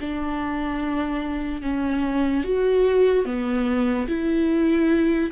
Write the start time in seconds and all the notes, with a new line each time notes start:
0.00 D4
1.61 C#4
2.44 F#4
3.25 B3
4.08 E4